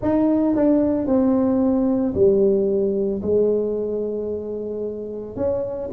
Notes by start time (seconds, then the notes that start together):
0.01 D#4
0.55 D4
1.06 C4
2.14 G3
3.21 G#3
5.36 C#4